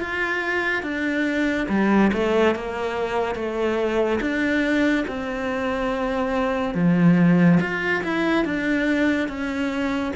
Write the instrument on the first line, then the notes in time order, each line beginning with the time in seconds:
cello
0.00 F4
0.82 D4
1.69 G3
2.13 A3
2.55 A#3
3.35 A3
4.20 D4
5.07 C4
6.74 F3
7.60 F4
8.03 E4
8.44 D4
9.28 C#4